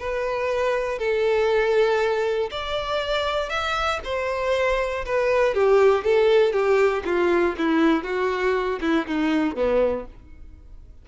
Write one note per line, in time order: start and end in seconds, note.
0.00 0.99 B4
0.99 2.50 A4
2.51 3.50 D5
3.50 4.00 E5
4.05 5.05 C5
5.06 5.55 B4
5.55 6.05 G4
6.05 6.53 A4
6.53 7.04 G4
7.05 7.56 F4
7.58 8.04 E4
8.04 8.80 F#4
8.81 9.07 E4
9.07 9.56 D#4
9.56 10.06 B3